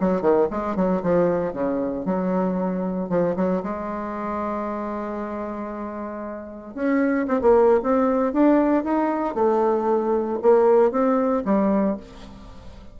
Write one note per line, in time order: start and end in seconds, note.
0.00 0.21 F#3
0.21 0.47 D#3
0.51 0.75 G#3
0.75 1.02 F#3
1.02 1.53 F3
1.53 2.05 C#3
2.05 3.09 F#3
3.09 3.35 F3
3.36 3.62 F#3
3.63 6.74 G#3
6.74 7.26 C#4
7.27 7.40 C4
7.41 7.80 A#3
7.83 8.33 C4
8.33 8.84 D4
8.84 9.34 D#4
9.34 10.39 A3
10.42 10.91 A#3
10.91 11.43 C4
11.45 11.97 G3